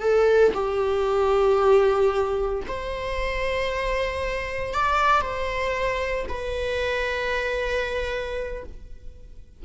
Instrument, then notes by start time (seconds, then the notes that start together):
viola
0.00 A4
0.53 G4
2.67 C5
4.73 D5
5.21 C5
6.28 B4